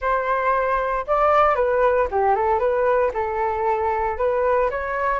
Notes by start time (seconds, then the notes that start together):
0.01 C5
1.07 D5
1.55 B4
2.10 G4
2.35 A4
2.59 B4
3.13 A4
4.17 B4
4.70 C#5